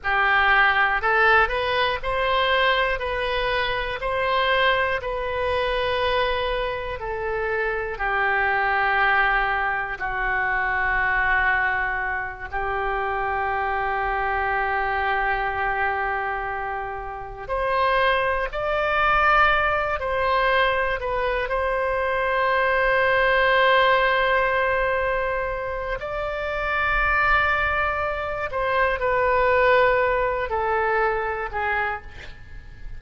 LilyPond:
\new Staff \with { instrumentName = "oboe" } { \time 4/4 \tempo 4 = 60 g'4 a'8 b'8 c''4 b'4 | c''4 b'2 a'4 | g'2 fis'2~ | fis'8 g'2.~ g'8~ |
g'4. c''4 d''4. | c''4 b'8 c''2~ c''8~ | c''2 d''2~ | d''8 c''8 b'4. a'4 gis'8 | }